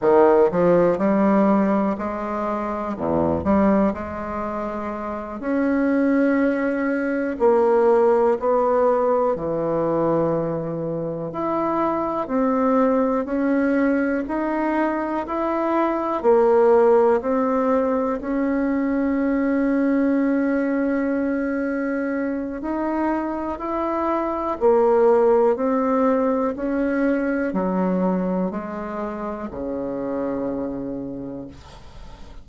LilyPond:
\new Staff \with { instrumentName = "bassoon" } { \time 4/4 \tempo 4 = 61 dis8 f8 g4 gis4 e,8 g8 | gis4. cis'2 ais8~ | ais8 b4 e2 e'8~ | e'8 c'4 cis'4 dis'4 e'8~ |
e'8 ais4 c'4 cis'4.~ | cis'2. dis'4 | e'4 ais4 c'4 cis'4 | fis4 gis4 cis2 | }